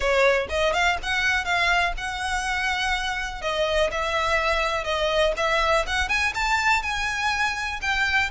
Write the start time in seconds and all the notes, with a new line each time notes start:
0.00 C#5
0.49 D#5
0.73 F5
1.02 F#5
1.44 F5
1.97 F#5
3.41 D#5
3.91 E5
4.84 D#5
5.36 E5
5.86 F#5
6.08 G#5
6.34 A5
6.82 G#5
7.81 G5